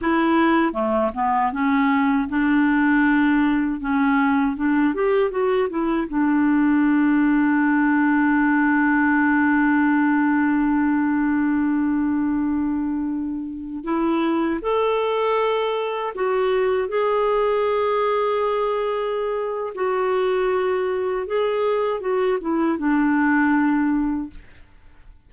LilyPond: \new Staff \with { instrumentName = "clarinet" } { \time 4/4 \tempo 4 = 79 e'4 a8 b8 cis'4 d'4~ | d'4 cis'4 d'8 g'8 fis'8 e'8 | d'1~ | d'1~ |
d'2~ d'16 e'4 a'8.~ | a'4~ a'16 fis'4 gis'4.~ gis'16~ | gis'2 fis'2 | gis'4 fis'8 e'8 d'2 | }